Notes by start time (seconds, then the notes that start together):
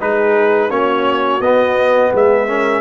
0.00 G#3 D#4 G#4 B4
0.70 A#3 C#4 F#4 C#5
1.40 B3 D#5
2.13 G#3 G#4 E5
2.48 C#4 A#4